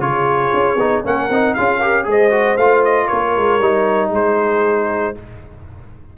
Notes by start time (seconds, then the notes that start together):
0.00 C#3 F4 G#4 C#5
0.54 C#4
0.76 B3 D#4
1.05 A#3 C#4 A#4 F#5
1.30 C4 D#4
1.55 C#4 F4 G#4 F5
1.79 G4 A#4
2.05 G#3 G#4 C5
2.11 D#5
2.31 F#4
2.57 A3 F4 F5
2.85 D#5
3.07 A#3 A#4 C#5
3.37 G#3
3.60 G3 D#4
4.11 G#3 G#4 C5